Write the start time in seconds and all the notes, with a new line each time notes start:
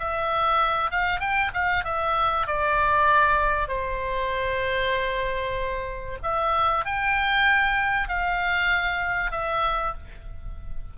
0.00 E5
0.91 F5
1.20 G5
1.54 F5
1.85 E5
2.47 D5
3.68 C5
6.23 E5
6.86 G5
8.09 F5
9.32 E5